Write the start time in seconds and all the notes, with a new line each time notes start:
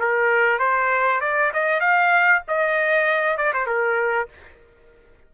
0.00 A#4
0.60 C5
1.21 D5
1.54 D#5
1.81 F5
2.48 D#5
3.38 D5
3.54 C5
3.67 A#4